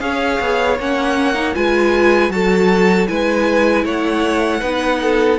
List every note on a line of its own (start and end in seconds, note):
0.00 0.39 C#4
0.00 0.77 G#4
0.00 1.55 C#5
0.00 0.77 F5
0.40 0.79 B3
0.79 1.56 A#3
0.79 1.34 C#4
0.79 1.55 F#5
1.34 1.53 D#4
1.53 2.29 G#3
1.53 2.30 F4
1.53 2.32 B4
1.53 2.32 G#5
2.29 3.06 F#3
2.29 3.07 F#4
2.29 3.10 A4
2.29 3.08 A5
3.08 3.84 G#3
3.08 4.62 E4
3.08 3.85 B4
3.08 3.84 G#5
3.84 4.61 A3
3.84 4.60 C#5
3.84 5.39 F#5
4.60 5.39 B3
4.60 5.39 D#4
4.60 4.99 B4
5.01 5.39 A4